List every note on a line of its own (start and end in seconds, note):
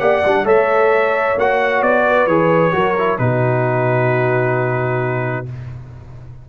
0.00 0.23 A#3
0.00 0.23 G4
0.00 0.46 D5
0.00 0.46 F#5
0.26 0.44 G3
0.26 0.45 D4
0.44 1.35 A3
0.44 1.36 A4
0.44 2.05 C#5
0.44 1.39 E5
1.37 1.82 A#3
1.37 2.29 F#4
1.37 1.83 F#5
1.82 2.27 B3
1.82 2.27 D5
2.07 2.75 B4
2.27 2.73 E3
2.27 2.73 G#4
2.27 3.18 C#5
2.73 3.19 F#3
2.73 2.95 F#4
2.73 3.20 A#4
2.99 3.19 E4
3.19 5.46 B2
3.19 5.46 D#4
3.19 5.50 F#4
3.19 5.46 B4